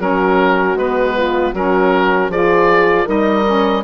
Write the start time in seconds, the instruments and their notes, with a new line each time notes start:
0.00 bassoon F#3, saxophone C#4, horn F#4, oboe A#4
0.75 bassoon G#3, saxophone B3, oboe B4
1.17 horn F4
1.54 bassoon F#3, saxophone C#4, horn F#4, oboe A#4
2.29 bassoon F3, saxophone F4, horn G#4, oboe D5
3.06 bassoon G3, saxophone D#4, horn A#4, oboe D#5
3.46 saxophone C#4